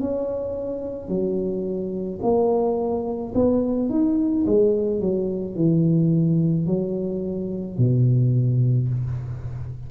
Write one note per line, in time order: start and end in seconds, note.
0.00 1.08 C#4
1.08 2.19 F#3
2.22 3.33 A#3
3.34 3.89 B3
3.89 4.45 D#4
4.46 5.01 G#3
5.01 5.56 F#3
5.56 6.67 E3
6.67 7.78 F#3
7.78 8.89 B2